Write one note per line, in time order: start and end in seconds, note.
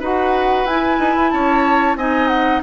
0.00 0.65 D#4
0.00 0.67 F#4
0.00 1.30 B4
0.00 0.67 F#5
0.65 0.98 E4
0.65 1.98 E4
0.65 1.30 G#5
0.99 1.15 D#4
1.16 1.32 E4
1.30 1.96 C#4
1.30 1.97 C#5
1.30 1.96 A5
1.96 2.61 C4
1.96 2.63 D#4
1.96 2.63 D#5
1.96 2.28 G#5
2.28 2.60 F#5